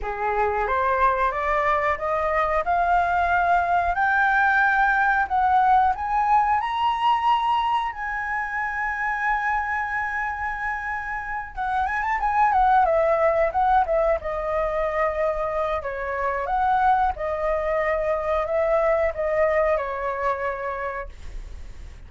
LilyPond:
\new Staff \with { instrumentName = "flute" } { \time 4/4 \tempo 4 = 91 gis'4 c''4 d''4 dis''4 | f''2 g''2 | fis''4 gis''4 ais''2 | gis''1~ |
gis''4. fis''8 gis''16 a''16 gis''8 fis''8 e''8~ | e''8 fis''8 e''8 dis''2~ dis''8 | cis''4 fis''4 dis''2 | e''4 dis''4 cis''2 | }